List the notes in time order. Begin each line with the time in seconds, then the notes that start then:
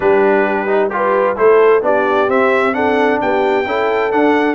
0.00 G3 D4 G4 B4
0.67 D#4
0.89 F4 G4
0.95 B4
1.36 A3 E4 A4 C5
1.81 B3 D4 G4 D5
2.27 C4 E5
2.72 D4 A4 F#5
3.21 B3 G4 G5
3.65 C#4 E4 A4
4.11 D4 F#5